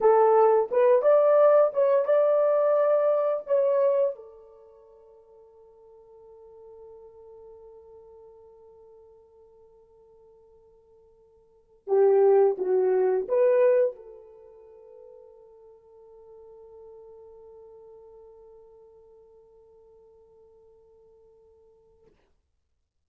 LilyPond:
\new Staff \with { instrumentName = "horn" } { \time 4/4 \tempo 4 = 87 a'4 b'8 d''4 cis''8 d''4~ | d''4 cis''4 a'2~ | a'1~ | a'1~ |
a'4~ a'16 g'4 fis'4 b'8.~ | b'16 a'2.~ a'8.~ | a'1~ | a'1 | }